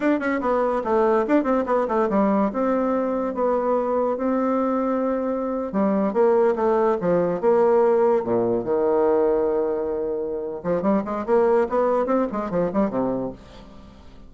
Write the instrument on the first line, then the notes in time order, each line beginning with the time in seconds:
bassoon
0.00 D4
0.19 C#4
0.41 B3
0.84 A3
1.27 D4
1.43 C4
1.66 B3
1.87 A3
2.09 G3
2.52 C4
3.34 B3
4.17 C4
5.72 G3
6.13 A#3
6.55 A3
7.00 F3
7.40 A#3
8.24 A#2
8.64 D#3
10.63 F3
10.82 G3
11.05 G#3
11.26 A#3
11.69 B3
12.05 C4
12.32 G#3
12.50 F3
12.73 G3
12.90 C3